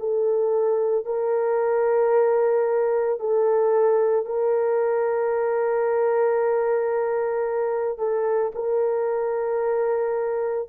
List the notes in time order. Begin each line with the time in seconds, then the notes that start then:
0.00 A4
1.06 A#4
3.20 A4
4.26 A#4
7.99 A4
8.55 A#4